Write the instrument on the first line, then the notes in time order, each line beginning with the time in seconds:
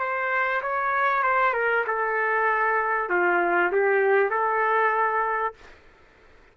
trumpet
0.00 C5
0.62 C#5
1.23 C5
1.54 A#4
1.87 A4
3.10 F4
3.72 G4
4.31 A4